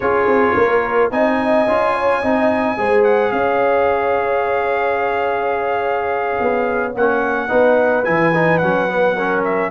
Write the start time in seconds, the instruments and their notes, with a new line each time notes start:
0.00 tuba C#4, trombone F4, horn G#4, trumpet C#5
0.26 tuba C4
0.55 tuba A#3, horn A#4
1.11 tuba C4, trombone D#4, horn D#5, trumpet G#5
1.67 tuba C#4, trombone F4
1.94 horn C#5
2.21 tuba C4, trombone D#4, horn D#5
2.77 tuba G#3, trombone G#4, horn C5
3.04 trumpet F#5
3.31 tuba C#4, horn C#5, trumpet F5
6.40 tuba B3
6.94 tuba A#3, trombone C#4, trumpet F#5
7.48 tuba B3, trombone D#4, horn B4
8.04 tuba E3, trombone E4, trumpet G#5
8.34 trombone D#4
8.58 tuba F#3, trombone C#4, trumpet F#5
8.88 trombone B3
9.15 trombone C#4, horn A#4
9.43 trumpet E5